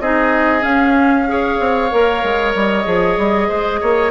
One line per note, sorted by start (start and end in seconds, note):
0.00 0.63 C4
0.00 0.61 D#4
0.00 1.28 G#4
0.00 0.63 D#5
0.61 1.25 C#4
0.61 1.58 C#4
0.61 2.53 F5
1.27 1.91 G#4
1.27 3.49 C#5
1.60 1.91 C4
1.91 2.24 A#3
1.91 2.85 A#4
2.24 2.55 G#3
2.55 2.86 G3
2.55 4.11 D#5
2.85 3.18 F3
2.85 4.11 G#4
3.18 3.49 G3
3.49 3.81 G#3
3.49 3.80 C5
3.81 4.11 A#3
3.81 4.11 C#5